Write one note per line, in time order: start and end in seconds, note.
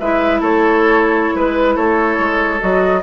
0.00 0.41 G#3
0.00 2.60 E4
0.00 0.41 B4
0.00 0.42 E5
0.41 1.35 A3
0.41 1.35 A4
0.41 1.38 C#5
1.35 1.77 G#3
1.35 1.76 B4
1.35 1.77 B4
1.76 2.19 A3
1.76 3.02 A4
1.76 2.61 C#5
2.19 2.61 G#3
2.60 3.03 F#3
2.60 3.02 F#4
2.60 3.03 D#5